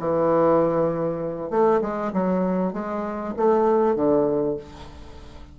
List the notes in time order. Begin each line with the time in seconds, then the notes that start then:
0.00 E3
1.51 A3
1.82 G#3
2.13 F#3
2.74 G#3
3.37 A3
3.96 D3